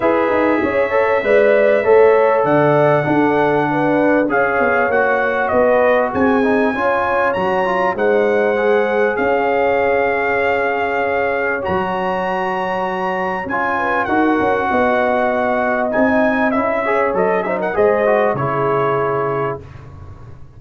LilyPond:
<<
  \new Staff \with { instrumentName = "trumpet" } { \time 4/4 \tempo 4 = 98 e''1 | fis''2. f''4 | fis''4 dis''4 gis''2 | ais''4 fis''2 f''4~ |
f''2. ais''4~ | ais''2 gis''4 fis''4~ | fis''2 gis''4 e''4 | dis''8 e''16 fis''16 dis''4 cis''2 | }
  \new Staff \with { instrumentName = "horn" } { \time 4/4 b'4 cis''4 d''4 cis''4 | d''4 a'4 b'4 cis''4~ | cis''4 b'4 gis'4 cis''4~ | cis''4 c''2 cis''4~ |
cis''1~ | cis''2~ cis''8 b'8 ais'4 | dis''2.~ dis''8 cis''8~ | cis''8 c''16 ais'16 c''4 gis'2 | }
  \new Staff \with { instrumentName = "trombone" } { \time 4/4 gis'4. a'8 b'4 a'4~ | a'4 d'2 gis'4 | fis'2~ fis'8 dis'8 f'4 | fis'8 f'8 dis'4 gis'2~ |
gis'2. fis'4~ | fis'2 f'4 fis'4~ | fis'2 dis'4 e'8 gis'8 | a'8 dis'8 gis'8 fis'8 e'2 | }
  \new Staff \with { instrumentName = "tuba" } { \time 4/4 e'8 dis'8 cis'4 gis4 a4 | d4 d'2 cis'8 b8 | ais4 b4 c'4 cis'4 | fis4 gis2 cis'4~ |
cis'2. fis4~ | fis2 cis'4 dis'8 cis'8 | b2 c'4 cis'4 | fis4 gis4 cis2 | }
>>